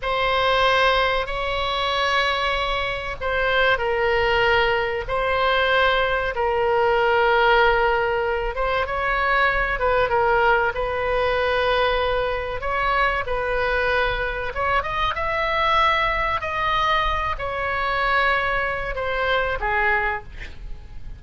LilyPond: \new Staff \with { instrumentName = "oboe" } { \time 4/4 \tempo 4 = 95 c''2 cis''2~ | cis''4 c''4 ais'2 | c''2 ais'2~ | ais'4. c''8 cis''4. b'8 |
ais'4 b'2. | cis''4 b'2 cis''8 dis''8 | e''2 dis''4. cis''8~ | cis''2 c''4 gis'4 | }